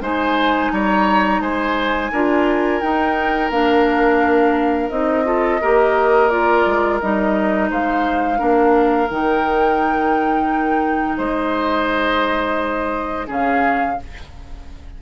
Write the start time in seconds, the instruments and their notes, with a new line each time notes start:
0.00 bassoon G#3, clarinet D#4, oboe C5, flute G#5
0.71 bassoon G3, oboe C#5, flute A#5
1.40 bassoon G#3, oboe C5, flute G#5
2.11 bassoon D4, clarinet F4, oboe A#4
2.80 clarinet D#4, bassoon D#4, flute G5
3.50 bassoon A#3, clarinet D4, flute F5
4.89 bassoon C4, clarinet D#4, flute D#5
5.24 clarinet F4, oboe A4
5.61 bassoon A#3, clarinet G4, oboe A#4
6.29 clarinet F4, flute D5
6.65 bassoon G#3
6.99 bassoon G3, clarinet D#4, flute D#5
7.69 bassoon G#3, oboe C5, flute F5
8.37 bassoon A#3, clarinet D4, oboe A#4
9.09 bassoon D#3, clarinet D#4, flute G5
11.17 bassoon G#3, oboe C5, flute D#5
13.27 bassoon C#3, clarinet C#4, oboe G#4, flute F5